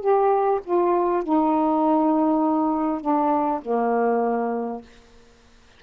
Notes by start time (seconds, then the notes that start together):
0.00 G4
0.64 F4
1.23 D#4
3.01 D4
3.62 A#3